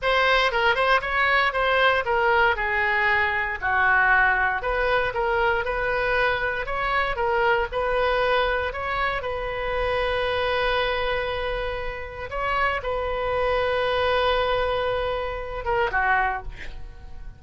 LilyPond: \new Staff \with { instrumentName = "oboe" } { \time 4/4 \tempo 4 = 117 c''4 ais'8 c''8 cis''4 c''4 | ais'4 gis'2 fis'4~ | fis'4 b'4 ais'4 b'4~ | b'4 cis''4 ais'4 b'4~ |
b'4 cis''4 b'2~ | b'1 | cis''4 b'2.~ | b'2~ b'8 ais'8 fis'4 | }